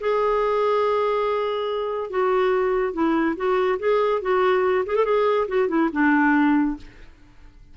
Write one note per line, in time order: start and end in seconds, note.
0.00 2.10 G#4
2.10 2.93 F#4
2.93 3.35 E4
3.36 3.79 F#4
3.79 4.21 G#4
4.21 4.85 F#4
4.86 4.96 G#4
4.96 5.05 A4
5.05 5.47 G#4
5.48 5.68 F#4
5.68 5.89 E4
5.92 6.77 D4